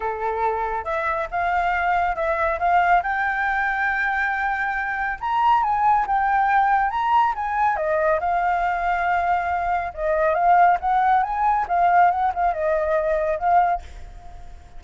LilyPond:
\new Staff \with { instrumentName = "flute" } { \time 4/4 \tempo 4 = 139 a'2 e''4 f''4~ | f''4 e''4 f''4 g''4~ | g''1 | ais''4 gis''4 g''2 |
ais''4 gis''4 dis''4 f''4~ | f''2. dis''4 | f''4 fis''4 gis''4 f''4 | fis''8 f''8 dis''2 f''4 | }